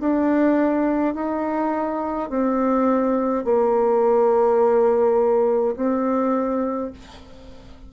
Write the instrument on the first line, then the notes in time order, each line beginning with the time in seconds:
bassoon
0.00 D4
1.14 D#4
2.30 C4
3.45 A#3
5.76 C4